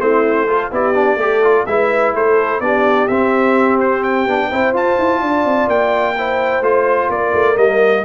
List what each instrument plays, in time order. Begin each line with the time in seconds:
0.00 tuba A3, trombone C4, horn E4, trumpet C5
0.48 trombone F4, horn A4
0.72 tuba B3, trombone E4, horn G4, trumpet D5
0.95 trombone D4
1.17 tuba A3, trombone G4, horn A4
1.44 trombone F4
1.67 tuba G#3, trombone E4, horn B4, trumpet E5
2.15 tuba A3, horn A4, trumpet C5
2.60 tuba B3, trombone D4, horn G4, trumpet D5
3.08 tuba C4, trombone C4, trumpet E5
3.80 trumpet C5
4.04 trumpet G5
4.27 tuba B3, trombone D4
4.50 tuba C4, trombone E4, horn C5
4.74 tuba F4, trombone F4, trumpet A5
4.99 tuba E4
5.21 tuba D4, horn D5
5.45 tuba C4
5.68 tuba A#3, trumpet G5
6.18 trombone E4, horn C5
6.62 tuba A3, trombone F4, trumpet C5
7.10 tuba A#3, horn A#4, trumpet D5
7.34 tuba A3
7.56 tuba G3, trombone A#3, trumpet D#5